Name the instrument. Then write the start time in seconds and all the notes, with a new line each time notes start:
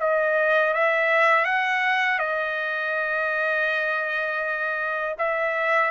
trumpet
0.00 D#5
0.74 E5
1.45 F#5
2.19 D#5
5.19 E5